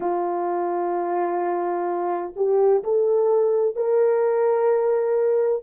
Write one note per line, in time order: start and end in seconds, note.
0.00 2.33 F4
2.36 2.83 G4
2.83 3.75 A4
3.75 5.62 A#4